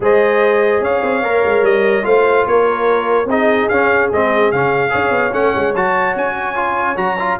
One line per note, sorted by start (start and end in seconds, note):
0.00 0.80 G#3
0.00 1.23 G#4
0.00 0.83 C5
0.00 0.83 D#5
0.80 1.01 C#4
0.80 2.06 C#5
0.80 1.64 F5
1.02 1.22 C4
1.22 1.43 A#3
1.22 2.02 A#4
1.44 1.62 G#3
1.62 2.03 G3
1.62 2.05 D#5
2.02 2.45 A3
2.02 3.26 F4
2.02 2.47 C5
2.02 2.46 F5
2.46 3.25 A#3
2.46 3.29 A#4
2.46 3.29 C#5
3.25 3.66 C4
3.25 3.71 D#4
3.25 4.92 G#4
3.25 3.68 D#5
3.68 4.11 C#4
3.68 4.12 C#4
3.68 4.09 F5
4.12 4.52 G#3
4.12 4.53 C4
4.12 4.51 D#5
4.51 4.93 C#3
4.51 4.89 C#4
4.51 5.33 F5
4.89 5.10 C#4
4.89 5.30 G#4
4.89 7.38 C#5
5.10 5.30 B3
5.32 5.53 A3
5.32 5.74 C#4
5.32 5.74 F#5
5.55 5.74 G#3
5.74 6.15 F#3
5.74 6.55 F#4
5.74 6.16 A5
6.15 6.96 C#4
6.15 6.97 G#5
6.55 6.96 F4
6.96 7.37 F#3
6.96 7.17 F#4
6.96 7.38 A#5
7.19 7.39 F4